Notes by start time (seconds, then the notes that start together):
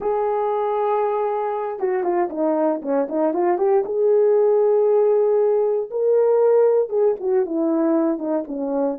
0.00 G#4
1.79 F#4
2.03 F4
2.29 D#4
2.82 C#4
3.08 D#4
3.33 F4
3.58 G4
3.85 G#4
5.90 A#4
6.89 G#4
7.20 F#4
7.45 E4
8.18 D#4
8.47 C#4